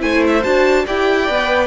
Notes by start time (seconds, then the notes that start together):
0.00 A3 E4 C5 G#5
0.27 E5
0.43 D4 F#4 A5
0.87 E4 G4 D5 G5
1.27 B3 B4